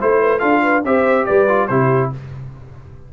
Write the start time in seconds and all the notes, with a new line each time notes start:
0.00 A3 E4 C5
0.21 B4
0.39 D4 F4 A4 F5
0.63 B4
0.84 C4 G4 C5 E5
1.26 G3 B4 D5
1.48 F4
1.68 C3 E4 G4 C5